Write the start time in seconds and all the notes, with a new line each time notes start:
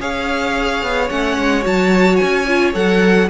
0.00 C#4 G#4 C#5 F5
0.82 B3
1.09 A3 C#4 F#5
1.37 G#3
1.61 F#3 F#4 A5
2.16 C#4 G#5
2.47 F4
2.74 F#3 A4 F#5